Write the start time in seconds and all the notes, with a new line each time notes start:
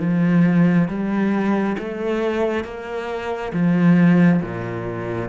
0.00 F3
0.88 G3
1.78 A3
2.64 A#3
3.53 F3
4.42 A#2